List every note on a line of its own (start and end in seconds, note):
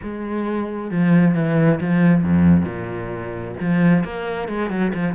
0.02 0.90 G#3
0.90 1.34 F3
1.34 1.79 E3
1.80 2.23 F3
2.23 2.65 F2
2.65 3.54 A#2
3.60 4.03 F3
4.03 4.48 A#3
4.48 4.70 G#3
4.70 4.92 F#3
4.93 5.14 F3